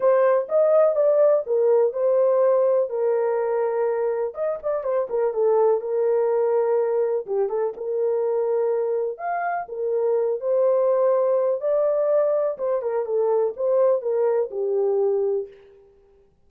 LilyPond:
\new Staff \with { instrumentName = "horn" } { \time 4/4 \tempo 4 = 124 c''4 dis''4 d''4 ais'4 | c''2 ais'2~ | ais'4 dis''8 d''8 c''8 ais'8 a'4 | ais'2. g'8 a'8 |
ais'2. f''4 | ais'4. c''2~ c''8 | d''2 c''8 ais'8 a'4 | c''4 ais'4 g'2 | }